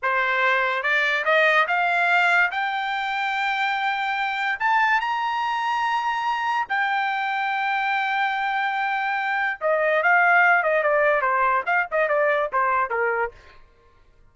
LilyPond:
\new Staff \with { instrumentName = "trumpet" } { \time 4/4 \tempo 4 = 144 c''2 d''4 dis''4 | f''2 g''2~ | g''2. a''4 | ais''1 |
g''1~ | g''2. dis''4 | f''4. dis''8 d''4 c''4 | f''8 dis''8 d''4 c''4 ais'4 | }